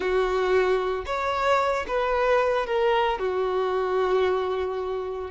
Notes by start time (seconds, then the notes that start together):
0.00 F#4
1.06 C#5
1.87 B4
2.66 A#4
3.18 F#4